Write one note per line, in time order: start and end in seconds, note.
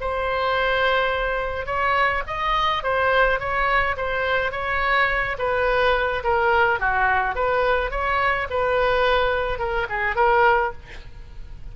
0.00 1.66 C5
1.66 2.22 C#5
2.26 2.83 D#5
2.83 3.39 C5
3.39 3.96 C#5
3.96 4.52 C5
4.52 5.36 C#5
5.38 6.23 B4
6.23 6.80 A#4
6.80 7.35 F#4
7.35 7.90 B4
7.90 8.47 C#5
8.50 9.58 B4
9.58 9.87 A#4
9.89 10.15 G#4
10.15 10.72 A#4